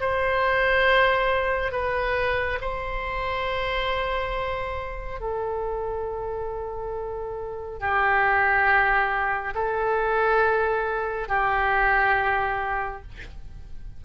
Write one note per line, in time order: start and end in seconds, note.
0.00 1.72 C5
1.72 2.59 B4
2.61 5.20 C5
5.20 7.80 A4
7.80 9.54 G4
9.55 11.28 A4
11.28 13.02 G4